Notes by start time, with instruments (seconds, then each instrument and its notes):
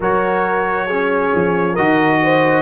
0.00 tuba F#3, trombone F#4, horn A#4, trumpet C#5
0.86 trombone C#4, horn G#4
1.34 tuba F3
1.73 tuba D#3, trombone F#4, horn A#4, trumpet D#5
2.22 horn C5